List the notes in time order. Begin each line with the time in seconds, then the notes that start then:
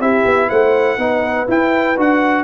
0.00 C4 E4 G4 E5
0.25 B3
0.49 A3 C5 F#5
0.98 B3 D#4 B4
1.47 E4 G5
1.97 D4 F#4 F#5